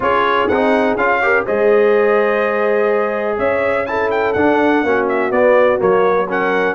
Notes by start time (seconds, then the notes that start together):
0.00 C#4 F4 G#4 C#5
0.48 C4 D#4 F#5
0.96 C#4 F4 F5
1.22 G4 A#4
1.45 G#3 G#4 C5 D#5
3.38 C#4 C#5 E5
3.86 E4 A4 A5
4.10 G5
4.33 D4 F#5
4.83 A#3 C#4 F#4
5.08 E5
5.31 B3 D5
5.78 F#3 A#3 C#5
6.28 C#4 A#4 F#5